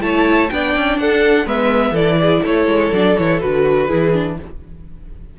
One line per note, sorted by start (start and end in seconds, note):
0.00 0.49 A3
0.00 0.48 E4
0.00 0.52 C#5
0.00 0.50 A5
0.50 0.76 B3
0.50 1.46 D4
0.50 1.01 D5
0.50 0.98 G5
0.76 0.98 C#4
0.98 1.46 D4
0.98 1.46 A4
0.98 1.47 F#5
1.46 1.91 G#3
1.46 1.95 B3
1.46 1.92 B4
1.46 1.95 E5
1.91 2.40 E3
1.91 2.94 E4
1.91 2.16 A4
1.91 2.44 D5
2.20 2.43 G#4
2.43 2.67 A3
2.43 3.86 A4
2.43 2.94 C#5
2.67 2.91 G#3
2.92 3.16 F#3
2.92 3.18 D4
2.92 3.17 D5
3.17 3.43 E3
3.17 3.40 E4
3.17 3.40 C#5
3.40 3.91 D3
3.40 3.88 F#4
3.40 4.37 B4
3.86 4.39 E3
3.86 4.13 E4
3.86 4.34 G#4
4.13 4.37 D4